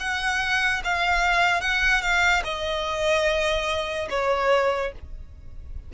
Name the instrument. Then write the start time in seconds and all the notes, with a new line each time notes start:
violin
0.00 F#5
0.84 F5
1.61 F#5
2.02 F5
2.44 D#5
4.10 C#5